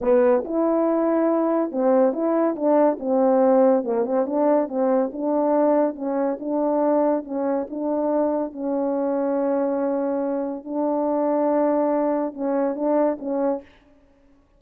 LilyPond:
\new Staff \with { instrumentName = "horn" } { \time 4/4 \tempo 4 = 141 b4 e'2. | c'4 e'4 d'4 c'4~ | c'4 ais8 c'8 d'4 c'4 | d'2 cis'4 d'4~ |
d'4 cis'4 d'2 | cis'1~ | cis'4 d'2.~ | d'4 cis'4 d'4 cis'4 | }